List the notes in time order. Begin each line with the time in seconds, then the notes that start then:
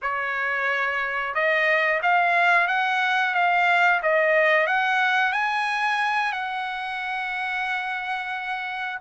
0.02 C#5
1.34 D#5
2.02 F5
2.67 F#5
3.34 F5
4.02 D#5
4.66 F#5
5.32 G#5
6.32 F#5